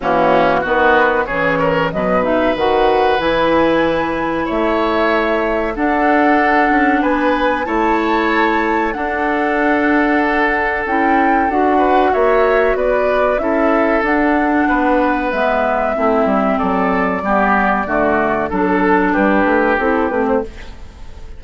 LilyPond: <<
  \new Staff \with { instrumentName = "flute" } { \time 4/4 \tempo 4 = 94 fis'4 b'4 cis''4 dis''8 e''8 | fis''4 gis''2 e''4~ | e''4 fis''2 gis''4 | a''2 fis''2~ |
fis''4 g''4 fis''4 e''4 | d''4 e''4 fis''2 | e''2 d''2~ | d''4 a'4 b'4 a'8 b'16 c''16 | }
  \new Staff \with { instrumentName = "oboe" } { \time 4/4 cis'4 fis'4 gis'8 ais'8 b'4~ | b'2. cis''4~ | cis''4 a'2 b'4 | cis''2 a'2~ |
a'2~ a'8 b'8 cis''4 | b'4 a'2 b'4~ | b'4 e'4 a'4 g'4 | fis'4 a'4 g'2 | }
  \new Staff \with { instrumentName = "clarinet" } { \time 4/4 ais4 b4 e4 fis8 dis'8 | fis'4 e'2.~ | e'4 d'2. | e'2 d'2~ |
d'4 e'4 fis'2~ | fis'4 e'4 d'2 | b4 c'2 b4 | a4 d'2 e'8 c'8 | }
  \new Staff \with { instrumentName = "bassoon" } { \time 4/4 e4 dis4 cis4 b,4 | dis4 e2 a4~ | a4 d'4. cis'8 b4 | a2 d'2~ |
d'4 cis'4 d'4 ais4 | b4 cis'4 d'4 b4 | gis4 a8 g8 fis4 g4 | d4 fis4 g8 a8 c'8 a8 | }
>>